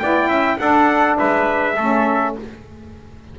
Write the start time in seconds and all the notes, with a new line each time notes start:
0.00 B3 E4 D5 G5
0.29 C#4 E5
0.58 D4 A4 F#5
1.19 G#3 B4 E5
1.77 A3 C#4 A4